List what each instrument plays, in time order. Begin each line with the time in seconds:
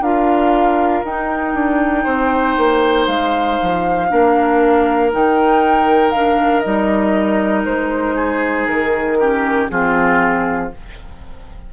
0.00 bassoon D4, clarinet F4, oboe A#4, flute F5
1.04 bassoon D#4, clarinet D#4, flute G5
1.54 bassoon D4
2.03 bassoon C4, oboe C5
2.57 bassoon A#3
3.07 bassoon G#3, flute F5
3.62 bassoon F3
4.09 bassoon A#3, clarinet D4, oboe A#4
5.11 bassoon D#3, clarinet D#4, flute G5
6.11 clarinet D4, flute F5
6.60 bassoon G3, clarinet D#4, flute D#5
7.65 bassoon G#3, flute C5
8.16 oboe G#4
8.67 bassoon D#3, flute A#4
9.19 clarinet C#4, oboe G4
9.69 bassoon F3, clarinet C4, oboe F4, flute G#4